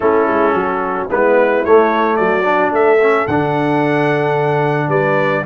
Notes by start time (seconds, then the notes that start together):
0.00 A3 C#4 E4 A4
0.27 G#3
0.52 F#3 F#4
1.08 G#3 B3 E4 B4
1.64 A3 C#5
2.16 F#3 F#4 D5
2.43 D4
2.71 A3 A4 E5
3.01 C#4
3.27 D3 D4 F#5
4.88 G3 B4 D5